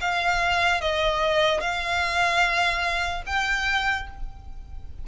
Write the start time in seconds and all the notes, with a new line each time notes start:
0.00 F5
0.81 D#5
1.60 F5
3.26 G5